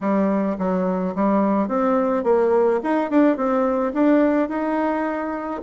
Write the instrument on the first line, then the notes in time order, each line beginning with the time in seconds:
bassoon
0.00 G3
0.58 F#3
1.15 G3
1.68 C4
2.23 A#3
2.83 D#4
3.10 D4
3.36 C4
3.93 D4
4.48 D#4